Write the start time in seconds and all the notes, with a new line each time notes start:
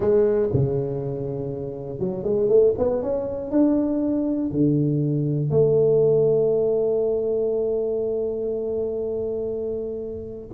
0.00 G#3
0.53 C#3
1.99 F#3
2.23 G#3
2.48 A3
2.77 B3
3.02 C#4
3.51 D4
4.51 D3
5.50 A3